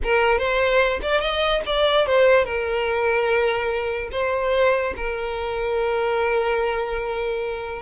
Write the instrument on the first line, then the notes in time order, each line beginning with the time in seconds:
violin
0.03 A#4
0.38 C5
1.02 D5
1.20 D#5
1.66 D5
2.06 C5
2.44 A#4
4.11 C5
4.96 A#4